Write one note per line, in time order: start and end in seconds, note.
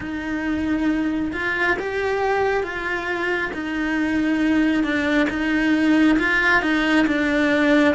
0.00 1.32 D#4
1.32 1.76 F4
1.79 2.63 G4
2.63 3.51 F4
3.53 4.83 D#4
4.83 5.27 D4
5.29 6.18 D#4
6.18 6.62 F4
6.62 7.06 D#4
7.06 7.95 D4